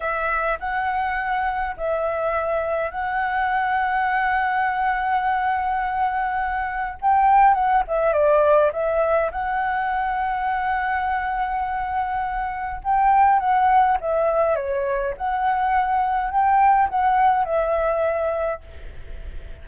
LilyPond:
\new Staff \with { instrumentName = "flute" } { \time 4/4 \tempo 4 = 103 e''4 fis''2 e''4~ | e''4 fis''2.~ | fis''1 | g''4 fis''8 e''8 d''4 e''4 |
fis''1~ | fis''2 g''4 fis''4 | e''4 cis''4 fis''2 | g''4 fis''4 e''2 | }